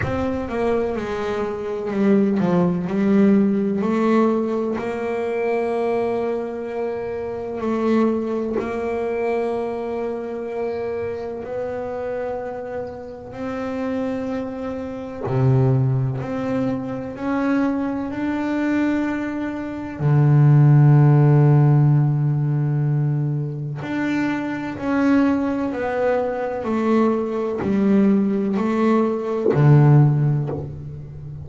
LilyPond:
\new Staff \with { instrumentName = "double bass" } { \time 4/4 \tempo 4 = 63 c'8 ais8 gis4 g8 f8 g4 | a4 ais2. | a4 ais2. | b2 c'2 |
c4 c'4 cis'4 d'4~ | d'4 d2.~ | d4 d'4 cis'4 b4 | a4 g4 a4 d4 | }